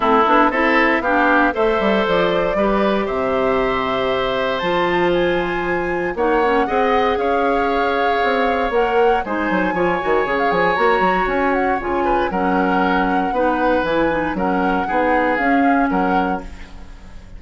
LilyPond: <<
  \new Staff \with { instrumentName = "flute" } { \time 4/4 \tempo 4 = 117 a'4 e''4 f''4 e''4 | d''2 e''2~ | e''4 a''4 gis''2 | fis''2 f''2~ |
f''4 fis''4 gis''2~ | gis''16 f''16 gis''8 ais''4 gis''8 fis''8 gis''4 | fis''2. gis''4 | fis''2 f''4 fis''4 | }
  \new Staff \with { instrumentName = "oboe" } { \time 4/4 e'4 a'4 g'4 c''4~ | c''4 b'4 c''2~ | c''1 | cis''4 dis''4 cis''2~ |
cis''2 c''4 cis''4~ | cis''2.~ cis''8 b'8 | ais'2 b'2 | ais'4 gis'2 ais'4 | }
  \new Staff \with { instrumentName = "clarinet" } { \time 4/4 c'8 d'8 e'4 d'4 a'4~ | a'4 g'2.~ | g'4 f'2. | dis'8 cis'8 gis'2.~ |
gis'4 ais'4 dis'4 f'8 fis'8 | gis'4 fis'2 f'4 | cis'2 dis'4 e'8 dis'8 | cis'4 dis'4 cis'2 | }
  \new Staff \with { instrumentName = "bassoon" } { \time 4/4 a8 b8 c'4 b4 a8 g8 | f4 g4 c2~ | c4 f2. | ais4 c'4 cis'2 |
c'4 ais4 gis8 fis8 f8 dis8 | cis8 f8 ais8 fis8 cis'4 cis4 | fis2 b4 e4 | fis4 b4 cis'4 fis4 | }
>>